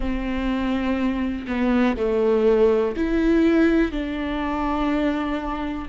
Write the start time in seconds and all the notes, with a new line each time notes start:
0.00 C4
1.47 B3
1.96 A3
2.96 E4
3.91 D4